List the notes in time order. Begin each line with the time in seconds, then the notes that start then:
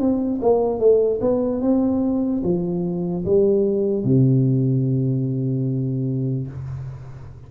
0.00 C4
0.42 A#3
0.80 A3
1.21 B3
1.62 C4
2.44 F3
3.25 G3
4.04 C3